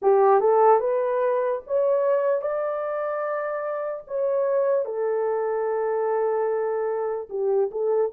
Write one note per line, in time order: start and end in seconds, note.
0.01 0.40 G4
0.40 0.80 A4
0.80 1.61 B4
1.66 2.41 C#5
2.41 4.03 D5
4.07 4.85 C#5
4.85 7.28 A4
7.29 7.70 G4
7.71 8.11 A4